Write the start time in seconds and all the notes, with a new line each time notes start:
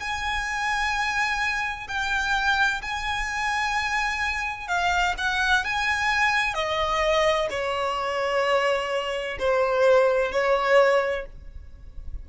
0.00 G#5
1.88 G5
2.82 G#5
4.68 F5
5.18 F#5
5.65 G#5
6.54 D#5
7.50 C#5
9.39 C5
10.32 C#5